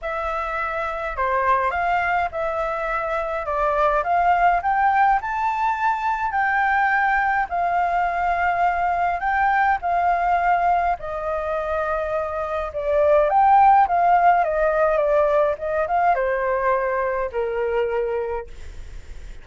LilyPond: \new Staff \with { instrumentName = "flute" } { \time 4/4 \tempo 4 = 104 e''2 c''4 f''4 | e''2 d''4 f''4 | g''4 a''2 g''4~ | g''4 f''2. |
g''4 f''2 dis''4~ | dis''2 d''4 g''4 | f''4 dis''4 d''4 dis''8 f''8 | c''2 ais'2 | }